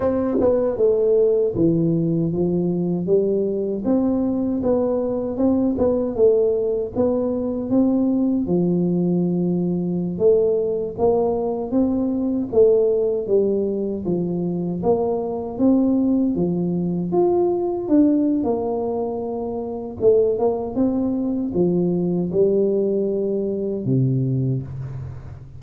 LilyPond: \new Staff \with { instrumentName = "tuba" } { \time 4/4 \tempo 4 = 78 c'8 b8 a4 e4 f4 | g4 c'4 b4 c'8 b8 | a4 b4 c'4 f4~ | f4~ f16 a4 ais4 c'8.~ |
c'16 a4 g4 f4 ais8.~ | ais16 c'4 f4 f'4 d'8. | ais2 a8 ais8 c'4 | f4 g2 c4 | }